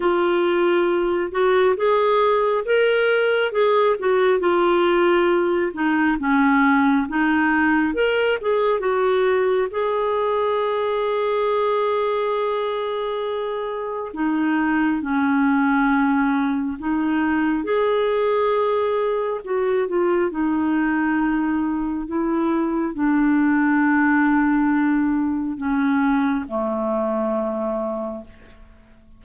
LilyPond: \new Staff \with { instrumentName = "clarinet" } { \time 4/4 \tempo 4 = 68 f'4. fis'8 gis'4 ais'4 | gis'8 fis'8 f'4. dis'8 cis'4 | dis'4 ais'8 gis'8 fis'4 gis'4~ | gis'1 |
dis'4 cis'2 dis'4 | gis'2 fis'8 f'8 dis'4~ | dis'4 e'4 d'2~ | d'4 cis'4 a2 | }